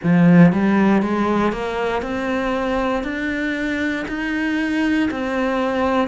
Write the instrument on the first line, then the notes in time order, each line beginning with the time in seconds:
cello
0.03 F3
0.52 G3
1.02 G#3
1.52 A#3
2.02 C4
3.03 D4
4.07 D#4
5.10 C4